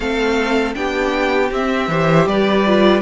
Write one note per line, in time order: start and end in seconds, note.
0.00 0.75 A3
0.00 0.74 C4
0.00 0.76 A4
0.00 0.74 F5
0.74 1.51 B3
0.74 1.50 D4
0.74 1.89 G4
0.74 1.50 G5
1.51 1.87 C4
1.51 1.90 C4
1.51 2.28 E5
1.87 2.25 E3
1.87 2.66 G4
1.87 2.27 C5
2.26 3.01 G3
2.26 3.01 B4
2.26 3.01 D5
2.66 3.01 F4